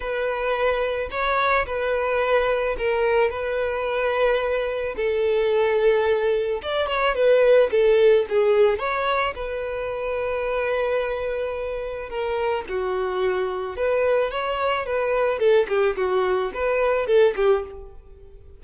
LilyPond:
\new Staff \with { instrumentName = "violin" } { \time 4/4 \tempo 4 = 109 b'2 cis''4 b'4~ | b'4 ais'4 b'2~ | b'4 a'2. | d''8 cis''8 b'4 a'4 gis'4 |
cis''4 b'2.~ | b'2 ais'4 fis'4~ | fis'4 b'4 cis''4 b'4 | a'8 g'8 fis'4 b'4 a'8 g'8 | }